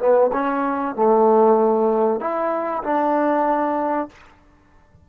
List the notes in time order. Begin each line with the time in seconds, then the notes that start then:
0.00 B3
0.34 C#4
0.96 A3
2.21 E4
2.84 D4